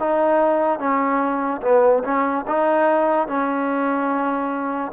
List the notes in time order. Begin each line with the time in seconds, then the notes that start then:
0.00 D#4
0.80 C#4
1.63 B3
2.04 C#4
2.48 D#4
3.28 C#4